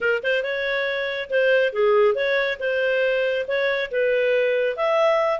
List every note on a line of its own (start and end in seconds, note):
0.00 0.22 A#4
0.23 0.43 C5
0.43 1.29 C#5
1.29 1.72 C5
1.72 2.14 G#4
2.14 2.58 C#5
2.59 3.46 C5
3.47 3.91 C#5
3.91 4.76 B4
4.76 5.39 E5